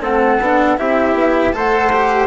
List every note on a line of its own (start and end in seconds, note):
0.00 0.39 A3
0.00 0.38 C4
0.00 0.78 A4
0.00 0.77 F#5
0.39 0.77 B3
0.39 0.77 D4
0.77 1.14 C4
0.77 1.53 E4
0.77 1.55 G4
0.77 1.53 E5
1.14 1.52 B3
1.53 2.27 A3
1.53 1.91 A4
1.53 2.27 C5
1.53 2.27 F#5
1.92 2.27 G4